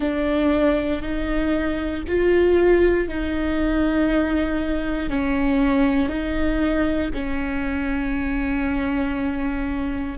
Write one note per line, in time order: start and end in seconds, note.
0.00 1.02 D4
1.02 2.03 D#4
2.07 3.08 F4
3.08 5.09 D#4
5.09 6.08 C#4
6.08 7.10 D#4
7.13 10.18 C#4